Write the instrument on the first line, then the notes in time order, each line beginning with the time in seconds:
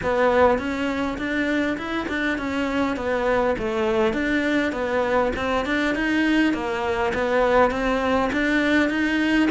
cello
0.02 B3
0.58 C#4
1.17 D4
1.77 E4
2.08 D4
2.38 C#4
2.96 B3
3.58 A3
4.13 D4
4.72 B3
5.36 C4
5.65 D4
5.95 D#4
6.53 A#3
7.14 B3
7.70 C4
8.32 D4
8.89 D#4